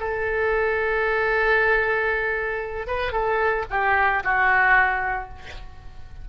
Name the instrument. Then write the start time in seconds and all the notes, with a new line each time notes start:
oboe
0.00 A4
2.87 B4
3.12 A4
3.70 G4
4.23 F#4